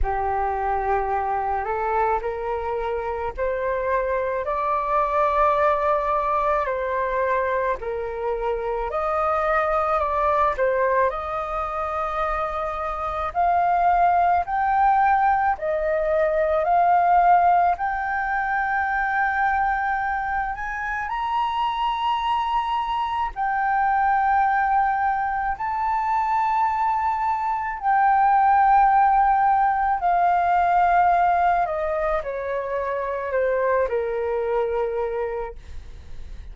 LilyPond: \new Staff \with { instrumentName = "flute" } { \time 4/4 \tempo 4 = 54 g'4. a'8 ais'4 c''4 | d''2 c''4 ais'4 | dis''4 d''8 c''8 dis''2 | f''4 g''4 dis''4 f''4 |
g''2~ g''8 gis''8 ais''4~ | ais''4 g''2 a''4~ | a''4 g''2 f''4~ | f''8 dis''8 cis''4 c''8 ais'4. | }